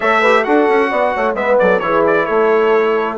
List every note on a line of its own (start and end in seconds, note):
0.00 0.46 A3
0.00 0.21 A4
0.00 0.21 C#5
0.00 0.44 E5
0.21 0.44 G4
0.21 0.43 B4
0.44 0.68 D4
0.44 1.35 F#4
0.44 0.90 A4
0.44 1.35 F#5
0.68 0.91 C#4
0.90 1.14 B3
0.90 1.13 D5
1.13 1.34 A3
1.13 1.36 C#5
1.34 1.56 G#3
1.34 1.80 B3
1.34 1.59 B4
1.34 1.58 E5
1.58 1.81 F#3
1.58 1.84 A4
1.58 1.79 D5
1.79 2.26 E3
1.79 3.17 E4
1.79 2.25 G#4
1.79 2.02 C#5
2.07 2.25 D5
2.25 3.17 A3
2.25 3.16 A4
2.25 3.16 C#5